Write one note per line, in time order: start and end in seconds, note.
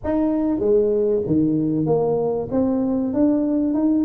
0.04 0.59 D#4
0.59 1.21 G#3
1.26 1.86 D#3
1.86 2.48 A#3
2.51 3.13 C4
3.13 3.73 D4
3.73 4.05 D#4